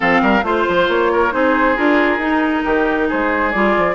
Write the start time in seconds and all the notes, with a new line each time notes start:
0.00 F3 C4 A4 F5
0.21 G3 A#4
0.42 A3 F4 C5
0.68 F3
0.88 A#3 C#5
1.12 A#4
1.31 C4 D#4 G#4 C5
1.76 D4 F4 A#4
2.18 D#4
2.64 D#3 G4
3.08 G#3 G#4 C5
3.51 G3 F4 D5
3.77 F3